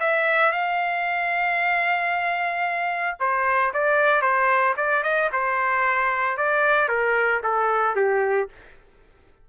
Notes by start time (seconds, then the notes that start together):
0.00 E5
0.52 F5
3.19 C5
3.73 D5
4.21 C5
4.77 D5
5.03 D#5
5.32 C5
6.37 D5
6.88 A#4
7.43 A4
7.95 G4